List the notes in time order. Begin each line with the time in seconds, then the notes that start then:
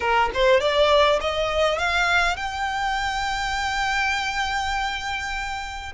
0.00 A#4
0.34 C5
0.60 D5
1.20 D#5
1.78 F5
2.36 G5